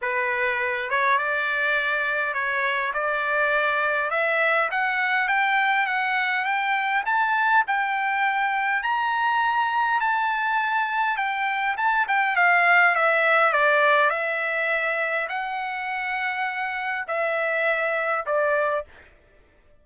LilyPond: \new Staff \with { instrumentName = "trumpet" } { \time 4/4 \tempo 4 = 102 b'4. cis''8 d''2 | cis''4 d''2 e''4 | fis''4 g''4 fis''4 g''4 | a''4 g''2 ais''4~ |
ais''4 a''2 g''4 | a''8 g''8 f''4 e''4 d''4 | e''2 fis''2~ | fis''4 e''2 d''4 | }